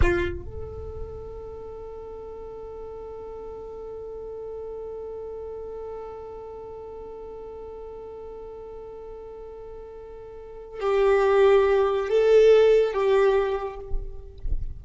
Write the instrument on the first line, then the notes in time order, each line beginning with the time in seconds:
violin
0.01 F4
0.44 A4
10.80 G4
12.08 A4
12.93 G4